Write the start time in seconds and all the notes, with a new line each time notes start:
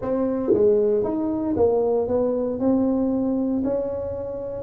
0.01 C4
0.53 G#3
1.03 D#4
1.56 A#3
2.07 B3
2.59 C4
3.63 C#4